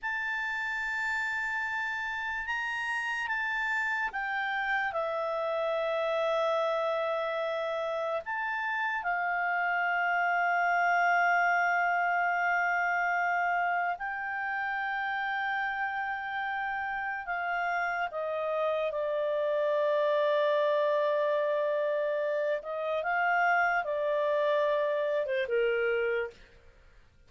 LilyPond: \new Staff \with { instrumentName = "clarinet" } { \time 4/4 \tempo 4 = 73 a''2. ais''4 | a''4 g''4 e''2~ | e''2 a''4 f''4~ | f''1~ |
f''4 g''2.~ | g''4 f''4 dis''4 d''4~ | d''2.~ d''8 dis''8 | f''4 d''4.~ d''16 c''16 ais'4 | }